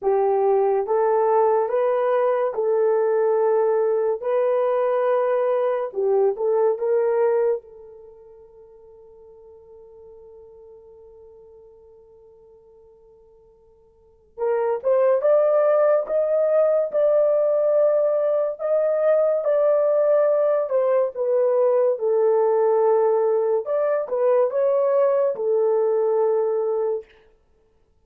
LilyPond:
\new Staff \with { instrumentName = "horn" } { \time 4/4 \tempo 4 = 71 g'4 a'4 b'4 a'4~ | a'4 b'2 g'8 a'8 | ais'4 a'2.~ | a'1~ |
a'4 ais'8 c''8 d''4 dis''4 | d''2 dis''4 d''4~ | d''8 c''8 b'4 a'2 | d''8 b'8 cis''4 a'2 | }